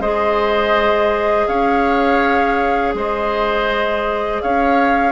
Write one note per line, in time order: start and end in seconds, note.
0.00 1.46 G#3
0.00 5.12 G#4
0.00 1.48 C5
0.00 1.48 D#5
1.48 2.95 C#4
1.48 2.95 C#5
1.48 2.94 F5
2.95 4.41 G#3
2.95 4.43 C5
2.95 4.42 D#5
4.42 5.12 C#4
4.42 5.12 C#5
4.42 5.12 F5